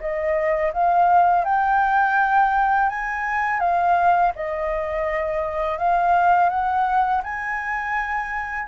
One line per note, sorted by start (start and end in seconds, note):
0.00 0.72 D#5
0.73 1.45 F5
1.45 2.89 G5
2.89 3.60 G#5
3.60 4.32 F5
4.35 5.78 D#5
5.78 6.50 F5
6.50 7.22 F#5
7.23 8.68 G#5